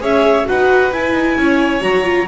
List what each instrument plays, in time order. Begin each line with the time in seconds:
0.00 double bass C#4, viola G#4, violin C#5, clarinet E5
0.45 double bass D#4, viola F#4, violin B4, clarinet F#5
0.92 viola E4, double bass E4, clarinet G#5
1.12 double bass D#4
1.37 double bass C#4, violin C#5
1.80 double bass F#3, viola F#4, clarinet A#5
2.03 viola F4